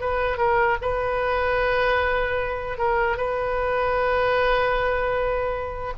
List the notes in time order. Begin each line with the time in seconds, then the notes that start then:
0.00 B4
0.37 A#4
0.81 B4
2.78 A#4
3.17 B4